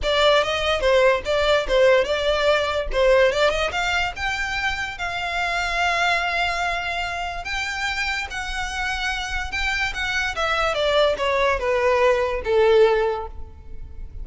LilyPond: \new Staff \with { instrumentName = "violin" } { \time 4/4 \tempo 4 = 145 d''4 dis''4 c''4 d''4 | c''4 d''2 c''4 | d''8 dis''8 f''4 g''2 | f''1~ |
f''2 g''2 | fis''2. g''4 | fis''4 e''4 d''4 cis''4 | b'2 a'2 | }